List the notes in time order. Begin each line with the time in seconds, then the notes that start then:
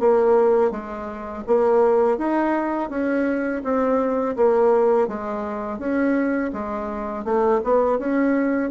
0.00 A#3
0.71 G#3
1.47 A#3
2.18 D#4
2.90 C#4
3.64 C4
4.36 A#3
5.08 G#3
5.79 C#4
6.53 G#3
7.25 A3
7.64 B3
7.99 C#4